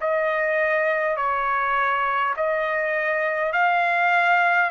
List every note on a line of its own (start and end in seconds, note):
0.00 1.16 D#5
1.16 2.34 C#5
2.36 3.52 D#5
3.52 4.70 F5